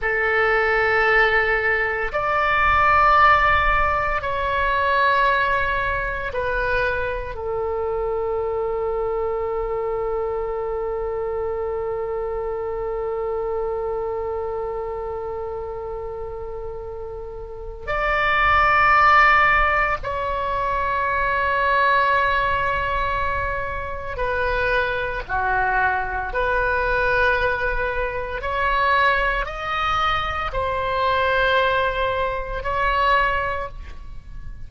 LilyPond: \new Staff \with { instrumentName = "oboe" } { \time 4/4 \tempo 4 = 57 a'2 d''2 | cis''2 b'4 a'4~ | a'1~ | a'1~ |
a'4 d''2 cis''4~ | cis''2. b'4 | fis'4 b'2 cis''4 | dis''4 c''2 cis''4 | }